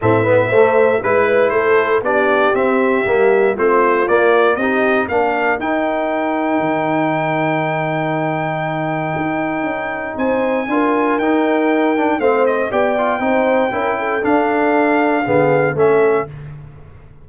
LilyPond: <<
  \new Staff \with { instrumentName = "trumpet" } { \time 4/4 \tempo 4 = 118 e''2 b'4 c''4 | d''4 e''2 c''4 | d''4 dis''4 f''4 g''4~ | g''1~ |
g''1 | gis''2 g''2 | f''8 dis''8 g''2. | f''2. e''4 | }
  \new Staff \with { instrumentName = "horn" } { \time 4/4 a'8 b'8 c''4 b'4 a'4 | g'2. f'4~ | f'4 g'4 ais'2~ | ais'1~ |
ais'1 | c''4 ais'2. | c''4 d''4 c''4 ais'8 a'8~ | a'2 gis'4 a'4 | }
  \new Staff \with { instrumentName = "trombone" } { \time 4/4 c'8 b8 a4 e'2 | d'4 c'4 ais4 c'4 | ais4 dis'4 d'4 dis'4~ | dis'1~ |
dis'1~ | dis'4 f'4 dis'4. d'8 | c'4 g'8 f'8 dis'4 e'4 | d'2 b4 cis'4 | }
  \new Staff \with { instrumentName = "tuba" } { \time 4/4 a,4 a4 gis4 a4 | b4 c'4 g4 a4 | ais4 c'4 ais4 dis'4~ | dis'4 dis2.~ |
dis2 dis'4 cis'4 | c'4 d'4 dis'2 | a4 b4 c'4 cis'4 | d'2 d4 a4 | }
>>